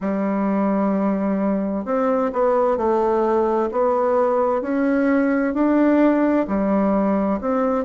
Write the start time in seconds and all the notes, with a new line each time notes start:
0.00 G3
1.85 C4
2.32 B3
2.77 A3
3.71 B3
4.61 C#4
5.54 D4
6.47 G3
7.41 C4